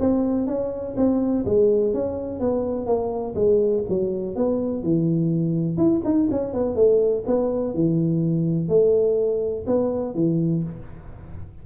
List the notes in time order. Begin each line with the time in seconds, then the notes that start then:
0.00 C4
0.47 C#4
0.97 C4
1.46 G#3
1.94 C#4
2.40 B3
2.86 A#3
3.35 G#3
3.89 F#3
4.36 B3
4.83 E3
5.78 E4
6.05 D#4
6.31 C#4
6.54 B3
6.76 A3
7.27 B3
7.75 E3
8.69 A3
9.67 B3
10.15 E3